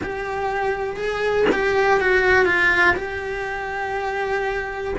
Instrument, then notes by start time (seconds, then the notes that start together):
cello
0.03 G4
0.96 G#4
1.52 G4
2.00 F#4
2.45 F4
2.96 G4